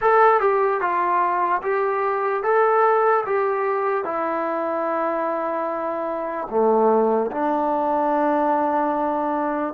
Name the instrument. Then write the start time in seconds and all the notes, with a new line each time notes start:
trombone
0.01 A4
0.40 G4
0.80 F4
1.62 G4
2.43 A4
3.25 G4
4.04 E4
6.49 A3
7.31 D4